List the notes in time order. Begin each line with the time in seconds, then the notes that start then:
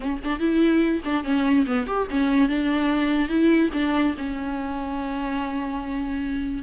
0.00 C#4
0.24 D4
0.39 E4
1.05 D4
1.24 C#4
1.66 B3
1.86 G4
2.10 C#4
2.48 D4
3.28 E4
3.73 D4
4.17 C#4